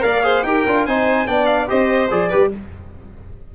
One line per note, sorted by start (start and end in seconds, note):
0.00 0.43 A#3
0.00 0.21 A#4
0.00 0.24 D5
0.00 0.44 F5
0.23 0.44 G#4
0.23 0.45 C5
0.43 0.64 D#4
0.43 0.67 G4
0.43 0.86 A#4
0.43 0.85 G5
0.66 0.86 D4
0.66 0.88 F4
0.86 1.27 C4
0.86 1.27 D#4
0.86 1.27 C5
0.86 1.27 G#5
1.27 1.69 B3
1.27 1.67 D4
1.27 1.69 D5
1.27 1.46 G5
1.46 1.67 F5
1.67 2.11 C4
1.67 2.09 G4
1.67 2.29 C5
1.67 2.11 D#5
2.11 2.32 F3
2.11 2.31 G#4
2.11 2.52 D5
2.29 2.55 G3
2.29 2.51 G4
2.29 2.49 B4